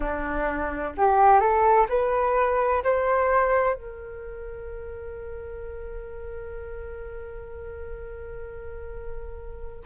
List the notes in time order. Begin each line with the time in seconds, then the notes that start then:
0.00 D4
0.97 G4
1.40 A4
1.89 B4
2.83 C5
3.74 A#4